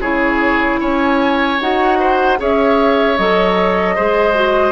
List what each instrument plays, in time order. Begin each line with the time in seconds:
0.00 bassoon C#3, clarinet E4, oboe G#4, flute C#5
0.80 bassoon C#4, oboe C#5, flute G#5
1.61 bassoon D#4, clarinet F#4, flute F#5
1.99 oboe C5
2.38 bassoon C#4, clarinet G#4, oboe C#5, flute E5
3.18 bassoon F#3, clarinet A4, flute D#5
3.96 bassoon G#3, clarinet G#4, oboe C5
4.35 clarinet F#4